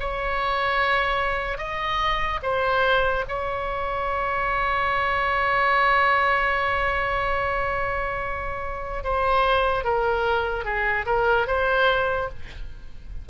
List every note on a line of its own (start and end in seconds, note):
0.00 1.58 C#5
1.58 2.40 D#5
2.42 3.25 C5
3.28 9.04 C#5
9.04 9.84 C5
9.84 10.64 A#4
10.64 11.05 G#4
11.06 11.47 A#4
11.47 12.29 C5